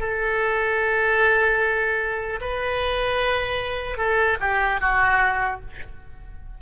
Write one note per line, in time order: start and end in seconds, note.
0.00 2.40 A4
2.41 3.97 B4
3.97 4.38 A4
4.41 4.81 G4
4.81 5.61 F#4